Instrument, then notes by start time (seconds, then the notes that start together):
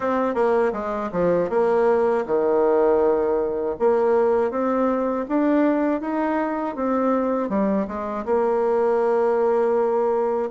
bassoon
0.00 C4
0.34 A#3
0.72 G#3
1.12 F3
1.49 A#3
2.25 D#3
3.79 A#3
4.50 C4
5.28 D4
6.00 D#4
6.75 C4
7.49 G3
7.87 G#3
8.25 A#3